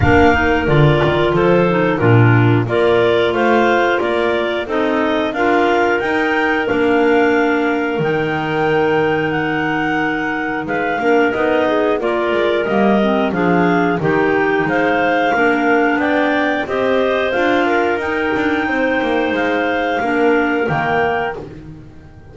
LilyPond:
<<
  \new Staff \with { instrumentName = "clarinet" } { \time 4/4 \tempo 4 = 90 f''4 d''4 c''4 ais'4 | d''4 f''4 d''4 dis''4 | f''4 g''4 f''2 | g''2 fis''2 |
f''4 dis''4 d''4 dis''4 | f''4 g''4 f''2 | g''4 dis''4 f''4 g''4~ | g''4 f''2 g''4 | }
  \new Staff \with { instrumentName = "clarinet" } { \time 4/4 ais'2 a'4 f'4 | ais'4 c''4 ais'4 a'4 | ais'1~ | ais'1 |
b'8 ais'4 gis'8 ais'2 | gis'4 g'4 c''4 ais'4 | d''4 c''4. ais'4. | c''2 ais'2 | }
  \new Staff \with { instrumentName = "clarinet" } { \time 4/4 d'8 dis'8 f'4. dis'8 d'4 | f'2. dis'4 | f'4 dis'4 d'2 | dis'1~ |
dis'8 d'8 dis'4 f'4 ais8 c'8 | d'4 dis'2 d'4~ | d'4 g'4 f'4 dis'4~ | dis'2 d'4 ais4 | }
  \new Staff \with { instrumentName = "double bass" } { \time 4/4 ais4 d8 dis8 f4 ais,4 | ais4 a4 ais4 c'4 | d'4 dis'4 ais2 | dis1 |
gis8 ais8 b4 ais8 gis8 g4 | f4 dis4 gis4 ais4 | b4 c'4 d'4 dis'8 d'8 | c'8 ais8 gis4 ais4 dis4 | }
>>